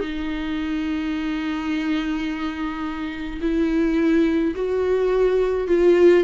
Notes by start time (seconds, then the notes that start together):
0.00 D#4
3.41 E4
4.55 F#4
5.68 F4